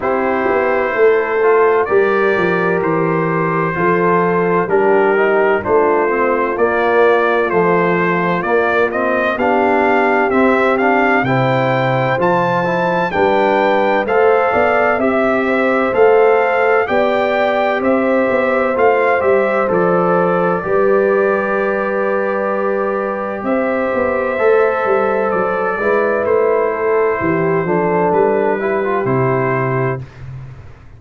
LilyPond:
<<
  \new Staff \with { instrumentName = "trumpet" } { \time 4/4 \tempo 4 = 64 c''2 d''4 c''4~ | c''4 ais'4 c''4 d''4 | c''4 d''8 dis''8 f''4 e''8 f''8 | g''4 a''4 g''4 f''4 |
e''4 f''4 g''4 e''4 | f''8 e''8 d''2.~ | d''4 e''2 d''4 | c''2 b'4 c''4 | }
  \new Staff \with { instrumentName = "horn" } { \time 4/4 g'4 a'4 ais'2 | a'4 g'4 f'2~ | f'2 g'2 | c''2 b'4 c''8 d''8 |
e''8 c''4. d''4 c''4~ | c''2 b'2~ | b'4 c''2~ c''8 b'8~ | b'8 a'8 g'8 a'4 g'4. | }
  \new Staff \with { instrumentName = "trombone" } { \time 4/4 e'4. f'8 g'2 | f'4 d'8 dis'8 d'8 c'8 ais4 | f4 ais8 c'8 d'4 c'8 d'8 | e'4 f'8 e'8 d'4 a'4 |
g'4 a'4 g'2 | f'8 g'8 a'4 g'2~ | g'2 a'4. e'8~ | e'4. d'4 e'16 f'16 e'4 | }
  \new Staff \with { instrumentName = "tuba" } { \time 4/4 c'8 b8 a4 g8 f8 e4 | f4 g4 a4 ais4 | a4 ais4 b4 c'4 | c4 f4 g4 a8 b8 |
c'4 a4 b4 c'8 b8 | a8 g8 f4 g2~ | g4 c'8 b8 a8 g8 fis8 gis8 | a4 e8 f8 g4 c4 | }
>>